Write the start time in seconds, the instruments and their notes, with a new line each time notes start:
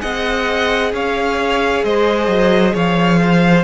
0.00 cello C4, viola G#4, violin D#5 F#5
0.93 cello C#4, violin C#5 F5
1.84 cello G#3, violin C5 D#5
2.28 cello F#3
2.74 cello F3, violin C#5 F5
3.22 violin C5